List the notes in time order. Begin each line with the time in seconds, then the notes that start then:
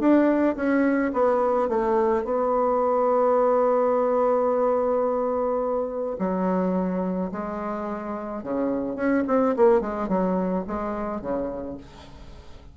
0.00 D4
0.56 C#4
1.13 B3
1.69 A3
2.25 B3
6.19 F#3
7.32 G#3
8.43 C#3
8.96 C#4
9.28 C4
9.57 A#3
9.81 G#3
10.09 F#3
10.67 G#3
11.21 C#3